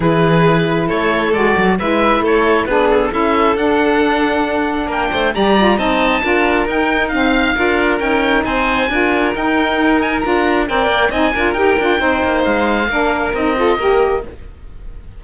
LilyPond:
<<
  \new Staff \with { instrumentName = "oboe" } { \time 4/4 \tempo 4 = 135 b'2 cis''4 d''4 | e''4 cis''4 b'8 a'8 e''4 | fis''2. g''4 | ais''4 a''2 g''4 |
f''2 g''4 gis''4~ | gis''4 g''4. gis''8 ais''4 | g''4 gis''4 g''2 | f''2 dis''2 | }
  \new Staff \with { instrumentName = "violin" } { \time 4/4 gis'2 a'2 | b'4 a'4 gis'4 a'4~ | a'2. ais'8 c''8 | d''4 dis''4 ais'2 |
f''4 ais'2 c''4 | ais'1 | d''4 dis''8 ais'4. c''4~ | c''4 ais'4. a'8 ais'4 | }
  \new Staff \with { instrumentName = "saxophone" } { \time 4/4 e'2. fis'4 | e'2 d'4 e'4 | d'1 | g'8 f'8 dis'4 f'4 dis'4 |
c'4 f'4 dis'2 | f'4 dis'2 f'4 | ais'4 dis'8 f'8 g'8 f'8 dis'4~ | dis'4 d'4 dis'8 f'8 g'4 | }
  \new Staff \with { instrumentName = "cello" } { \time 4/4 e2 a4 gis8 fis8 | gis4 a4 b4 cis'4 | d'2. ais8 a8 | g4 c'4 d'4 dis'4~ |
dis'4 d'4 cis'4 c'4 | d'4 dis'2 d'4 | c'8 ais8 c'8 d'8 dis'8 d'8 c'8 ais8 | gis4 ais4 c'4 ais4 | }
>>